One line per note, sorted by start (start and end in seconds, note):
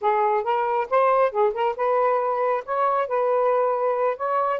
0.01 0.43 G#4
0.43 0.87 A#4
0.90 1.31 C5
1.31 1.53 G#4
1.53 1.75 A#4
1.76 2.64 B4
2.65 3.07 C#5
3.07 4.16 B4
4.16 4.60 C#5